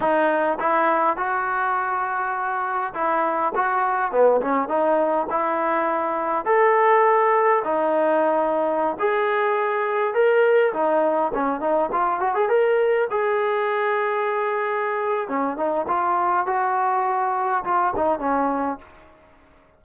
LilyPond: \new Staff \with { instrumentName = "trombone" } { \time 4/4 \tempo 4 = 102 dis'4 e'4 fis'2~ | fis'4 e'4 fis'4 b8 cis'8 | dis'4 e'2 a'4~ | a'4 dis'2~ dis'16 gis'8.~ |
gis'4~ gis'16 ais'4 dis'4 cis'8 dis'16~ | dis'16 f'8 fis'16 gis'16 ais'4 gis'4.~ gis'16~ | gis'2 cis'8 dis'8 f'4 | fis'2 f'8 dis'8 cis'4 | }